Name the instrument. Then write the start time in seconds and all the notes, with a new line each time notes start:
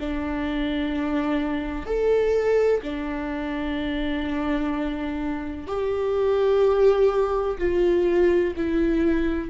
viola
0.00 D4
1.87 A4
2.83 D4
5.68 G4
7.58 F4
8.57 E4